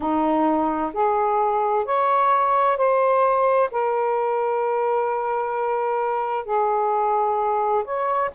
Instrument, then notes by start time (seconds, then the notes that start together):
saxophone
0.00 D#4
0.93 G#4
1.85 C#5
2.77 C5
3.71 A#4
6.45 G#4
7.84 C#5